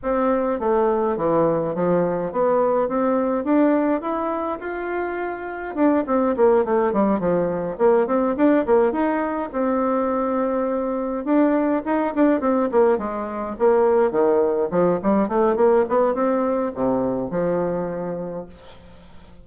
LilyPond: \new Staff \with { instrumentName = "bassoon" } { \time 4/4 \tempo 4 = 104 c'4 a4 e4 f4 | b4 c'4 d'4 e'4 | f'2 d'8 c'8 ais8 a8 | g8 f4 ais8 c'8 d'8 ais8 dis'8~ |
dis'8 c'2. d'8~ | d'8 dis'8 d'8 c'8 ais8 gis4 ais8~ | ais8 dis4 f8 g8 a8 ais8 b8 | c'4 c4 f2 | }